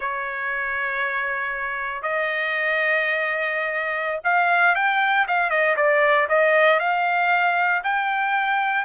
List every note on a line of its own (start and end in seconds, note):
0.00 2.02 C#5
2.02 4.20 D#5
4.24 4.75 F5
4.75 5.26 G5
5.27 5.49 F5
5.49 5.75 D#5
5.76 6.27 D5
6.28 6.79 D#5
6.79 7.82 F5
7.83 8.85 G5